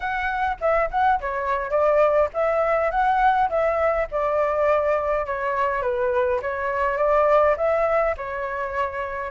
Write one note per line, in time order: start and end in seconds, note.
0.00 0.57 F#5
0.61 0.90 E5
0.90 1.19 F#5
1.20 1.70 C#5
1.70 2.28 D5
2.33 2.90 E5
2.90 3.49 F#5
3.49 4.07 E5
4.11 5.26 D5
5.26 5.82 C#5
5.82 6.40 B4
6.42 6.97 C#5
6.97 7.55 D5
7.56 8.15 E5
8.17 9.30 C#5